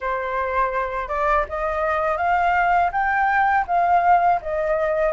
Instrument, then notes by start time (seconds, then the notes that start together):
flute
0.00 C5
1.08 D5
1.48 D#5
2.17 F5
2.92 G5
3.67 F5
4.41 D#5